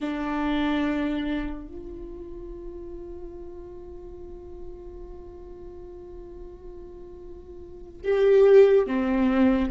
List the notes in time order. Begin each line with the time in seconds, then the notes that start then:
0.00 D4
1.68 F4
8.04 G4
8.87 C4